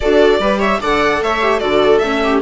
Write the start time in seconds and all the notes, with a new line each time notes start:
0.00 D4 F#4 A4 D5
0.39 G3 G4 B4
0.59 C#5 E5
0.80 D3 A4 D5 F#5
1.21 A3 C#5 E5
1.41 G4
1.59 D3 F#4 A4 D5
1.98 A3 C#4 E5
2.23 G4